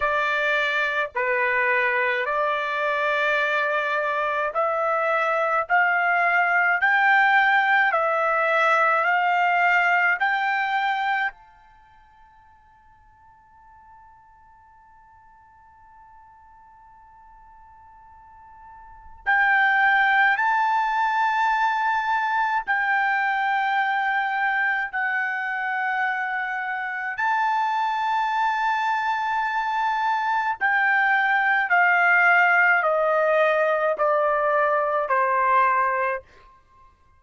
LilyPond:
\new Staff \with { instrumentName = "trumpet" } { \time 4/4 \tempo 4 = 53 d''4 b'4 d''2 | e''4 f''4 g''4 e''4 | f''4 g''4 a''2~ | a''1~ |
a''4 g''4 a''2 | g''2 fis''2 | a''2. g''4 | f''4 dis''4 d''4 c''4 | }